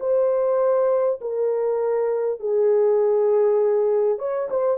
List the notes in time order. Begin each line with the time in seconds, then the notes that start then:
0.00 C5
1.21 A#4
2.40 G#4
4.18 C#5
4.50 C5